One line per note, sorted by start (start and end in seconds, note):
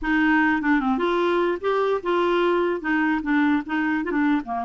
0.01 0.61 D#4
0.61 0.79 D4
0.79 0.98 C4
0.98 1.58 F4
1.61 2.01 G4
2.03 2.80 F4
2.80 3.21 D#4
3.22 3.62 D4
3.66 4.04 D#4
4.04 4.11 F4
4.11 4.41 D4
4.45 4.65 A#3